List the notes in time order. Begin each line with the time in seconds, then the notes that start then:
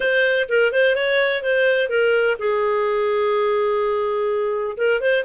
0.00 C5
0.48 A#4
0.72 C5
0.95 C#5
1.43 C5
1.89 A#4
2.38 G#4
4.77 A#4
5.00 C5